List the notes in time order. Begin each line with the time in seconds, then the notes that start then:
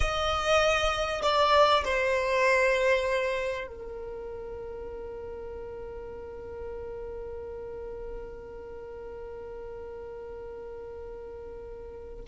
0.00 D#5
1.22 D5
1.84 C5
3.67 A#4